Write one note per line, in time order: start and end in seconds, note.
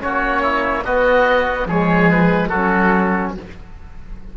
0.00 0.86 A#3
0.00 0.83 C#4
0.00 0.42 F#4
0.00 0.84 C#5
0.42 0.84 E4
0.84 1.69 B3
0.84 1.66 B3
0.84 1.68 F#4
0.84 1.68 D#5
1.66 2.49 F3
1.66 2.53 G#3
1.66 2.49 G#4
1.66 2.10 C#5
2.10 2.48 B4
2.48 3.37 F#3
2.48 3.37 C#4
2.48 3.32 F#4
2.48 3.32 A4